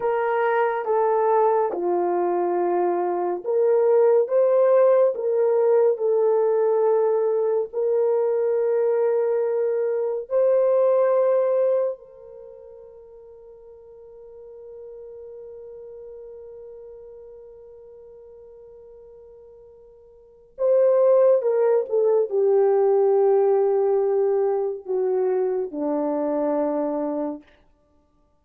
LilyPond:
\new Staff \with { instrumentName = "horn" } { \time 4/4 \tempo 4 = 70 ais'4 a'4 f'2 | ais'4 c''4 ais'4 a'4~ | a'4 ais'2. | c''2 ais'2~ |
ais'1~ | ais'1 | c''4 ais'8 a'8 g'2~ | g'4 fis'4 d'2 | }